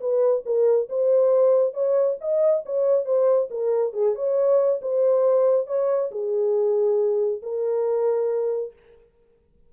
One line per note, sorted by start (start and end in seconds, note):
0.00 0.43 B4
0.45 0.89 A#4
0.89 1.74 C5
1.74 2.17 C#5
2.21 2.64 D#5
2.65 3.05 C#5
3.05 3.48 C5
3.50 3.93 A#4
3.93 4.15 G#4
4.15 4.80 C#5
4.81 5.67 C5
5.67 6.10 C#5
6.11 7.41 G#4
7.42 8.73 A#4